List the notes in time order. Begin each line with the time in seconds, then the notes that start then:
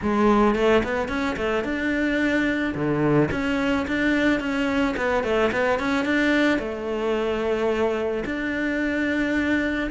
0.02 G#3
0.55 A3
0.83 B3
1.08 C#4
1.36 A3
1.64 D4
2.74 D3
3.31 C#4
3.87 D4
4.40 C#4
4.96 B3
5.23 A3
5.52 B3
5.79 C#4
6.05 D4
6.59 A3
8.25 D4